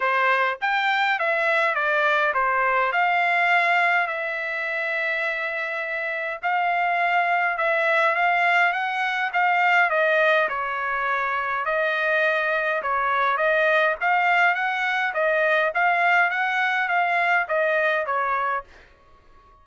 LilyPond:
\new Staff \with { instrumentName = "trumpet" } { \time 4/4 \tempo 4 = 103 c''4 g''4 e''4 d''4 | c''4 f''2 e''4~ | e''2. f''4~ | f''4 e''4 f''4 fis''4 |
f''4 dis''4 cis''2 | dis''2 cis''4 dis''4 | f''4 fis''4 dis''4 f''4 | fis''4 f''4 dis''4 cis''4 | }